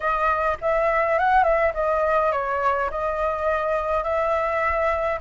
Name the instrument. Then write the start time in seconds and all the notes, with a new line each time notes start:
flute
0.00 D#5
0.61 E5
1.18 F#5
1.43 E5
1.74 D#5
2.32 C#5
2.90 D#5
4.03 E5